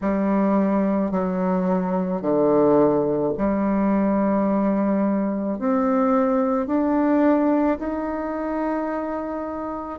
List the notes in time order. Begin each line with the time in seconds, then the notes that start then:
0.01 G3
1.11 F#3
2.21 D3
3.37 G3
5.59 C4
6.67 D4
7.78 D#4